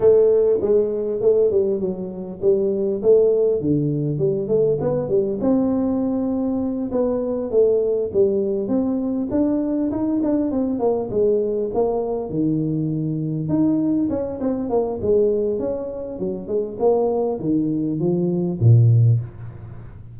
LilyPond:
\new Staff \with { instrumentName = "tuba" } { \time 4/4 \tempo 4 = 100 a4 gis4 a8 g8 fis4 | g4 a4 d4 g8 a8 | b8 g8 c'2~ c'8 b8~ | b8 a4 g4 c'4 d'8~ |
d'8 dis'8 d'8 c'8 ais8 gis4 ais8~ | ais8 dis2 dis'4 cis'8 | c'8 ais8 gis4 cis'4 fis8 gis8 | ais4 dis4 f4 ais,4 | }